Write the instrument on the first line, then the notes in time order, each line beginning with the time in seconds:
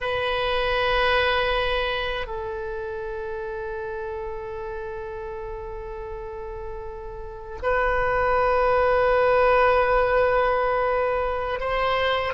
oboe
0.00 B4
2.26 A4
7.62 B4
11.60 C5